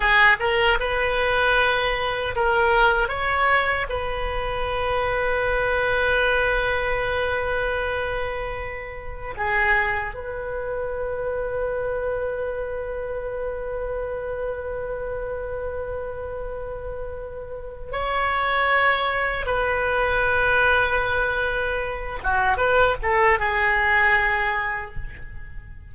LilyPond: \new Staff \with { instrumentName = "oboe" } { \time 4/4 \tempo 4 = 77 gis'8 ais'8 b'2 ais'4 | cis''4 b'2.~ | b'1 | gis'4 b'2.~ |
b'1~ | b'2. cis''4~ | cis''4 b'2.~ | b'8 fis'8 b'8 a'8 gis'2 | }